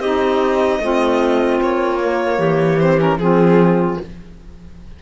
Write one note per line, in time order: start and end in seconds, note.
0.00 0.80 C4
0.00 0.81 D#4
0.00 0.80 G4
0.00 1.61 D#5
0.80 1.60 A3
0.80 2.00 C4
0.80 2.38 F4
1.63 2.39 A#3
1.63 2.80 C#5
2.00 2.80 A#3
2.38 3.17 E3
2.38 3.18 G4
2.80 2.98 C4
2.80 3.00 C5
2.98 3.18 C#4
2.98 3.19 A#4
3.17 3.97 F3
3.17 4.00 C4
3.17 4.02 F4
3.17 3.99 G#4